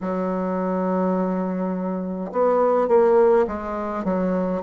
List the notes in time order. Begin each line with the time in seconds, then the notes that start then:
0.01 F#3
2.31 B3
2.88 A#3
3.47 G#3
4.04 F#3